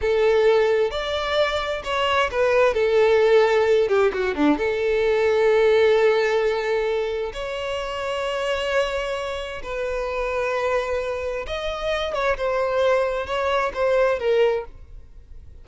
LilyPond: \new Staff \with { instrumentName = "violin" } { \time 4/4 \tempo 4 = 131 a'2 d''2 | cis''4 b'4 a'2~ | a'8 g'8 fis'8 d'8 a'2~ | a'1 |
cis''1~ | cis''4 b'2.~ | b'4 dis''4. cis''8 c''4~ | c''4 cis''4 c''4 ais'4 | }